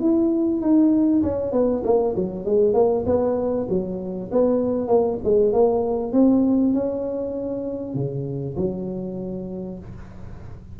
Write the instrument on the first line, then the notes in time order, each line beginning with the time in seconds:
tuba
0.00 E4
0.61 D#4
1.22 C#4
1.52 B3
1.84 A#3
2.15 F#3
2.45 G#3
2.74 A#3
3.06 B3
3.69 F#3
4.31 B3
4.87 A#3
5.24 G#3
5.52 A#3
6.12 C4
6.73 C#4
7.94 C#3
8.56 F#3